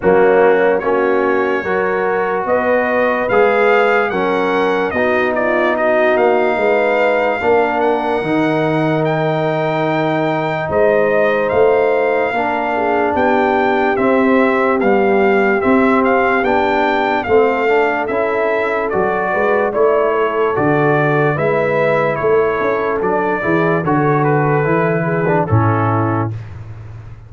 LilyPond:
<<
  \new Staff \with { instrumentName = "trumpet" } { \time 4/4 \tempo 4 = 73 fis'4 cis''2 dis''4 | f''4 fis''4 dis''8 d''8 dis''8 f''8~ | f''4. fis''4. g''4~ | g''4 dis''4 f''2 |
g''4 e''4 f''4 e''8 f''8 | g''4 f''4 e''4 d''4 | cis''4 d''4 e''4 cis''4 | d''4 cis''8 b'4. a'4 | }
  \new Staff \with { instrumentName = "horn" } { \time 4/4 cis'4 fis'4 ais'4 b'4~ | b'4 ais'4 fis'8 f'8 fis'4 | b'4 ais'2.~ | ais'4 c''2 ais'8 gis'8 |
g'1~ | g'4 a'2~ a'8 b'8 | d''8 a'4. b'4 a'4~ | a'8 gis'8 a'4. gis'8 e'4 | }
  \new Staff \with { instrumentName = "trombone" } { \time 4/4 ais4 cis'4 fis'2 | gis'4 cis'4 dis'2~ | dis'4 d'4 dis'2~ | dis'2. d'4~ |
d'4 c'4 g4 c'4 | d'4 c'8 d'8 e'4 fis'4 | e'4 fis'4 e'2 | d'8 e'8 fis'4 e'8. d'16 cis'4 | }
  \new Staff \with { instrumentName = "tuba" } { \time 4/4 fis4 ais4 fis4 b4 | gis4 fis4 b4. ais8 | gis4 ais4 dis2~ | dis4 gis4 a4 ais4 |
b4 c'4 b4 c'4 | b4 a4 cis'4 fis8 gis8 | a4 d4 gis4 a8 cis'8 | fis8 e8 d4 e4 a,4 | }
>>